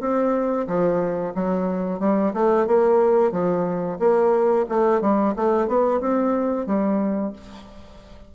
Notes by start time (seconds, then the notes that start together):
0.00 C4
0.67 F3
1.35 F#3
1.99 G3
2.34 A3
2.67 A#3
3.32 F3
3.99 A#3
4.69 A3
5.01 G3
5.36 A3
5.68 B3
6.00 C4
6.66 G3